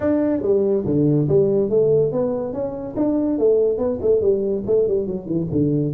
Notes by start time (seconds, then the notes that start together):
0.00 D4
0.41 G3
0.85 D3
1.28 G3
1.69 A3
2.12 B3
2.53 C#4
2.96 D4
3.38 A3
3.78 B3
4.01 A3
4.21 G3
4.66 A3
4.87 G3
5.06 F#3
5.26 E3
5.51 D3